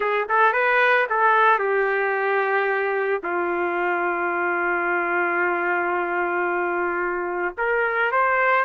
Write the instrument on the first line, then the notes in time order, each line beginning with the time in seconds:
trumpet
0.00 G#4
0.28 A4
0.53 B4
1.09 A4
1.58 G4
3.23 F4
7.57 A#4
8.11 C5